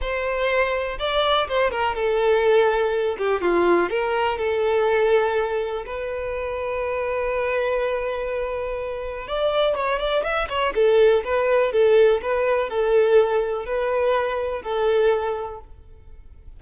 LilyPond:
\new Staff \with { instrumentName = "violin" } { \time 4/4 \tempo 4 = 123 c''2 d''4 c''8 ais'8 | a'2~ a'8 g'8 f'4 | ais'4 a'2. | b'1~ |
b'2. d''4 | cis''8 d''8 e''8 cis''8 a'4 b'4 | a'4 b'4 a'2 | b'2 a'2 | }